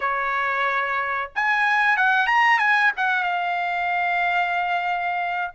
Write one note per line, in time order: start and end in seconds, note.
0.00 1.30 C#5
1.35 1.96 G#5
1.96 2.26 F#5
2.26 2.58 A#5
2.58 2.91 G#5
2.96 3.23 F#5
3.23 5.51 F5